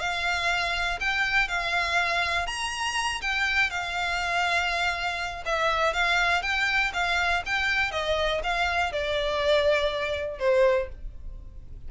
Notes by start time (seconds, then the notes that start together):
0.00 F5
1.00 G5
1.48 F5
2.47 A#5
3.21 G5
3.70 F5
5.46 E5
5.93 F5
6.42 G5
6.94 F5
7.46 G5
7.91 D#5
8.44 F5
8.92 D5
10.39 C5